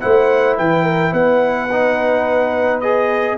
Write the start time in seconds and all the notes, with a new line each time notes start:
0.00 A3 E4 C5 F#5
0.57 E3 B4 G5
0.84 A#4
1.13 B3 B4 F#5
1.72 D#4
2.81 G#4 D#5